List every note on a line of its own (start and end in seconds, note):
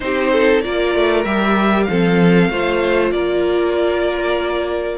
0.00 0.63 C4
0.00 0.62 D#4
0.00 0.32 G4
0.00 0.60 C5
0.32 0.63 A4
0.60 0.95 A#3
0.60 1.25 F4
0.60 1.88 A#4
0.60 1.23 D5
0.95 1.24 A3
1.24 1.87 G3
1.24 1.89 G4
1.24 1.83 E5
1.83 3.08 F5
1.89 2.49 F3
1.89 2.52 C4
1.89 2.50 A4
2.49 3.11 A3
2.49 4.98 F4
2.49 3.13 C5
3.11 4.98 A#3
3.11 4.98 A#4
3.11 4.98 D5